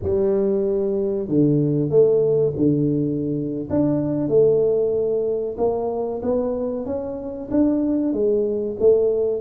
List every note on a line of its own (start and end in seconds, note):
0.02 1.28 G3
1.28 1.89 D3
1.89 2.53 A3
2.56 3.68 D3
3.70 4.28 D4
4.28 5.56 A3
5.57 6.21 A#3
6.22 6.85 B3
6.85 7.49 C#4
7.51 8.12 D4
8.12 8.76 G#3
8.79 9.41 A3